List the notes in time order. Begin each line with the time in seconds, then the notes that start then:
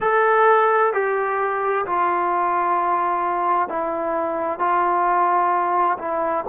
0.00 A4
0.93 G4
1.86 F4
3.68 E4
4.59 F4
5.98 E4